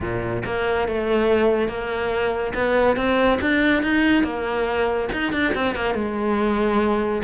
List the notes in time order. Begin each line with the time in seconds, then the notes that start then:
0.00 A#2
0.45 A#3
0.87 A3
1.68 A#3
2.54 B3
2.96 C4
3.41 D4
3.83 D#4
4.23 A#3
5.12 D#4
5.32 D4
5.54 C4
5.75 A#3
5.94 G#3